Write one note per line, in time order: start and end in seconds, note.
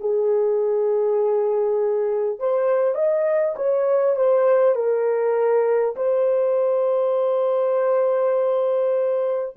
0.00 2.39 G#4
2.39 2.95 C5
2.95 3.55 D#5
3.56 4.16 C#5
4.16 4.75 C5
4.75 5.95 A#4
5.96 9.56 C5